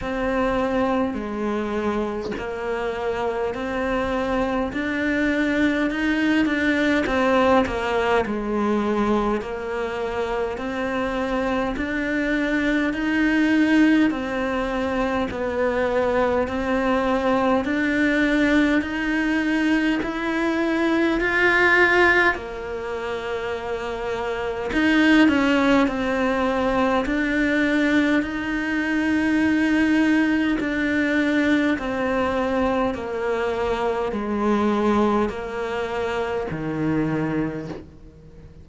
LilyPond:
\new Staff \with { instrumentName = "cello" } { \time 4/4 \tempo 4 = 51 c'4 gis4 ais4 c'4 | d'4 dis'8 d'8 c'8 ais8 gis4 | ais4 c'4 d'4 dis'4 | c'4 b4 c'4 d'4 |
dis'4 e'4 f'4 ais4~ | ais4 dis'8 cis'8 c'4 d'4 | dis'2 d'4 c'4 | ais4 gis4 ais4 dis4 | }